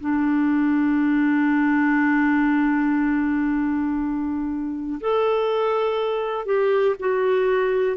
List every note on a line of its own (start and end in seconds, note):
0.00 5.00 D4
5.00 6.45 A4
6.45 6.95 G4
7.00 7.97 F#4